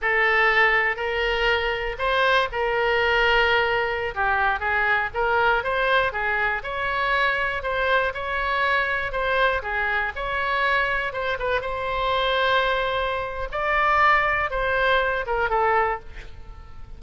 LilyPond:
\new Staff \with { instrumentName = "oboe" } { \time 4/4 \tempo 4 = 120 a'2 ais'2 | c''4 ais'2.~ | ais'16 g'4 gis'4 ais'4 c''8.~ | c''16 gis'4 cis''2 c''8.~ |
c''16 cis''2 c''4 gis'8.~ | gis'16 cis''2 c''8 b'8 c''8.~ | c''2. d''4~ | d''4 c''4. ais'8 a'4 | }